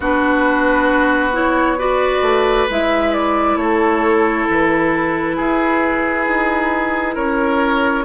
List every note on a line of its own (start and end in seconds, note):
0.00 2.22 B3
0.00 1.32 D4
0.00 1.78 F#4
0.00 1.36 B4
1.32 1.77 E4
1.32 1.79 C#5
1.78 2.67 F#4
1.78 3.57 B4
1.78 2.68 D5
2.22 2.66 A3
2.69 3.56 G#3
2.69 8.04 E4
2.69 3.13 E5
3.13 3.57 D5
3.56 4.45 A3
3.56 5.36 A4
3.56 4.46 C#5
4.49 5.38 E3
4.49 7.16 B4
5.36 6.27 E4
5.36 7.15 G#4
6.27 7.16 D#4
7.15 8.04 C#4
7.15 8.04 A#4
7.15 8.04 C#5